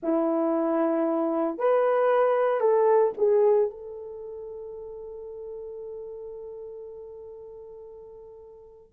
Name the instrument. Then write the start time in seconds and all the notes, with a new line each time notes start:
horn
0.02 E4
1.58 B4
2.60 A4
3.17 G#4
3.70 A4